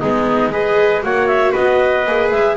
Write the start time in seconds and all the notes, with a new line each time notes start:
0.00 G#3 B3 D#4 G#4
0.50 G#4 B4 D#5
1.02 A#3 F#4 C#5 F#5
1.27 E5
1.52 B3 B4 D#5
2.06 A#3 G#4
2.30 G#3 E5